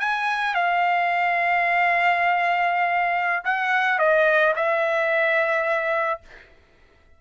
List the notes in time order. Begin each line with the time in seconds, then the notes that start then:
0.00 G#5
0.55 F5
3.45 F#5
3.99 D#5
4.56 E5